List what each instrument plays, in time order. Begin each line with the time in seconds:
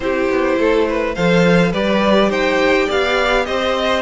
0.00 cello C4, viola E4, violin G4 C5
0.29 cello B3
0.58 cello A3, violin A4
0.88 violin B4
1.14 cello F3, viola A4, violin C5 F5
1.71 cello G3, viola G4, violin B4 D5
2.29 cello D#4, violin C5 G5
2.86 cello B3, violin D5 F5
3.45 cello C4, violin C5 D#5